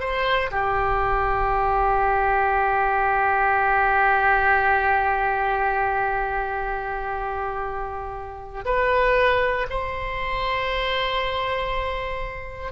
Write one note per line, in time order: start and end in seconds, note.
0.00 0.51 C5
0.51 8.65 G4
8.65 9.67 B4
9.70 12.72 C5